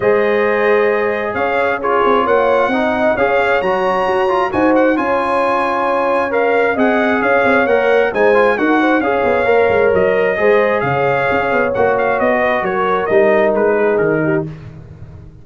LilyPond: <<
  \new Staff \with { instrumentName = "trumpet" } { \time 4/4 \tempo 4 = 133 dis''2. f''4 | cis''4 fis''2 f''4 | ais''2 gis''8 fis''8 gis''4~ | gis''2 f''4 fis''4 |
f''4 fis''4 gis''4 fis''4 | f''2 dis''2 | f''2 fis''8 f''8 dis''4 | cis''4 dis''4 b'4 ais'4 | }
  \new Staff \with { instrumentName = "horn" } { \time 4/4 c''2. cis''4 | gis'4 cis''4 dis''4 cis''4~ | cis''2 c''4 cis''4~ | cis''2. dis''4 |
cis''2 c''4 ais'8 c''8 | cis''2. c''4 | cis''2.~ cis''8 b'8 | ais'2~ ais'8 gis'4 g'8 | }
  \new Staff \with { instrumentName = "trombone" } { \time 4/4 gis'1 | f'2 dis'4 gis'4 | fis'4. f'8 fis'4 f'4~ | f'2 ais'4 gis'4~ |
gis'4 ais'4 dis'8 f'8 fis'4 | gis'4 ais'2 gis'4~ | gis'2 fis'2~ | fis'4 dis'2. | }
  \new Staff \with { instrumentName = "tuba" } { \time 4/4 gis2. cis'4~ | cis'8 c'8 ais4 c'4 cis'4 | fis4 fis'4 dis'4 cis'4~ | cis'2. c'4 |
cis'8 c'8 ais4 gis4 dis'4 | cis'8 b8 ais8 gis8 fis4 gis4 | cis4 cis'8 b8 ais4 b4 | fis4 g4 gis4 dis4 | }
>>